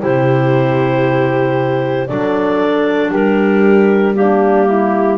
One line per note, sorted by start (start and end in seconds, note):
0.00 2.10 C3
0.00 2.07 E4
0.00 2.09 G4
0.00 2.08 C5
2.08 3.13 F#3
2.08 4.15 D4
2.08 3.11 A4
2.08 3.11 D5
3.11 5.18 G3
3.11 4.14 G4
3.11 4.16 A#4
4.15 5.18 A#3
4.15 4.69 D4
4.15 5.18 G4
4.69 5.18 E4